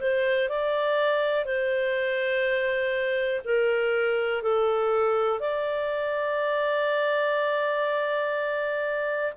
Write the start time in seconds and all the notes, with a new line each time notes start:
0.00 C5
0.49 D5
1.44 C5
3.44 A#4
4.42 A4
5.40 D5